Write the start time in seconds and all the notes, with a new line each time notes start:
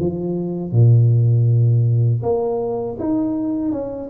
0.00 F3
0.72 A#2
2.23 A#3
3.00 D#4
3.72 C#4